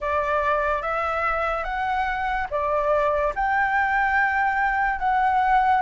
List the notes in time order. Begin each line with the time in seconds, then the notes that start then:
0.00 D5
0.81 E5
1.64 F#5
2.50 D5
3.35 G5
4.98 F#5